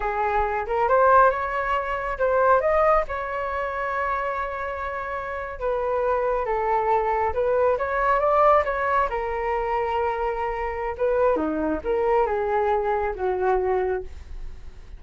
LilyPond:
\new Staff \with { instrumentName = "flute" } { \time 4/4 \tempo 4 = 137 gis'4. ais'8 c''4 cis''4~ | cis''4 c''4 dis''4 cis''4~ | cis''1~ | cis''8. b'2 a'4~ a'16~ |
a'8. b'4 cis''4 d''4 cis''16~ | cis''8. ais'2.~ ais'16~ | ais'4 b'4 dis'4 ais'4 | gis'2 fis'2 | }